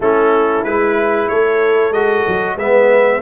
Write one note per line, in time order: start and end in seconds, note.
0.00 0.64 A3
0.00 0.66 C#4
0.00 1.29 E4
0.00 0.64 A4
0.64 1.29 G#3
0.64 1.93 E4
0.64 1.28 B4
1.28 1.90 A3
1.28 2.56 A4
1.28 1.92 C#5
1.90 2.23 G#3
1.90 2.58 F#4
1.90 2.57 D#5
2.27 2.56 F#3
2.56 3.20 G#3
2.56 3.21 B3
2.56 3.21 B4
2.56 3.21 E5